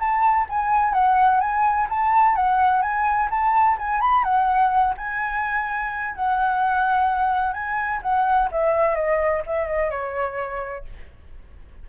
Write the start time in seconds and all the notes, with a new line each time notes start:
0.00 A5
0.49 G#5
0.93 F#5
1.41 G#5
1.90 A5
2.36 F#5
2.82 G#5
3.31 A5
3.79 G#5
4.01 B5
4.24 F#5
4.98 G#5
6.15 F#5
7.54 G#5
8.03 F#5
8.52 E5
8.95 D#5
9.47 E5
9.67 D#5
9.91 C#5